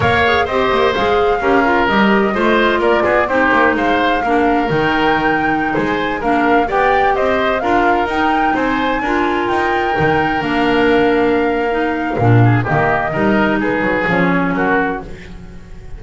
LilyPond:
<<
  \new Staff \with { instrumentName = "flute" } { \time 4/4 \tempo 4 = 128 f''4 dis''4 f''2 | dis''2 d''4 c''4 | f''2 g''2~ | g''16 gis''4 f''4 g''4 dis''8.~ |
dis''16 f''4 g''4 gis''4.~ gis''16~ | gis''16 g''2 f''4.~ f''16~ | f''2. dis''4~ | dis''4 b'4 cis''4 ais'4 | }
  \new Staff \with { instrumentName = "oboe" } { \time 4/4 cis''4 c''2 ais'4~ | ais'4 c''4 ais'8 gis'8 g'4 | c''4 ais'2.~ | ais'16 c''4 ais'4 d''4 c''8.~ |
c''16 ais'2 c''4 ais'8.~ | ais'1~ | ais'2~ ais'8 gis'8 g'4 | ais'4 gis'2 fis'4 | }
  \new Staff \with { instrumentName = "clarinet" } { \time 4/4 ais'8 gis'8 g'4 gis'4 g'8 f'8 | g'4 f'2 dis'4~ | dis'4 d'4 dis'2~ | dis'4~ dis'16 d'4 g'4.~ g'16~ |
g'16 f'4 dis'2 f'8.~ | f'4~ f'16 dis'4 d'4.~ d'16~ | d'4 dis'4 d'4 ais4 | dis'2 cis'2 | }
  \new Staff \with { instrumentName = "double bass" } { \time 4/4 ais4 c'8 ais8 gis4 cis'4 | g4 a4 ais8 b8 c'8 ais8 | gis4 ais4 dis2~ | dis16 gis4 ais4 b4 c'8.~ |
c'16 d'4 dis'4 c'4 d'8.~ | d'16 dis'4 dis4 ais4.~ ais16~ | ais2 ais,4 dis4 | g4 gis8 fis8 f4 fis4 | }
>>